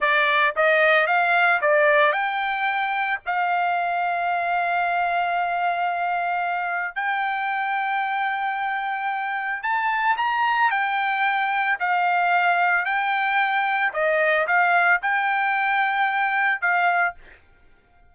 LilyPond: \new Staff \with { instrumentName = "trumpet" } { \time 4/4 \tempo 4 = 112 d''4 dis''4 f''4 d''4 | g''2 f''2~ | f''1~ | f''4 g''2.~ |
g''2 a''4 ais''4 | g''2 f''2 | g''2 dis''4 f''4 | g''2. f''4 | }